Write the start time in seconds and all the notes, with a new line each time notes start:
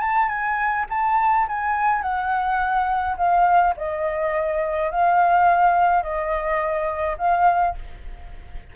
0.00 A5
0.28 G#5
0.89 A5
1.48 G#5
2.02 F#5
3.17 F5
3.77 D#5
4.90 F5
6.02 D#5
7.18 F5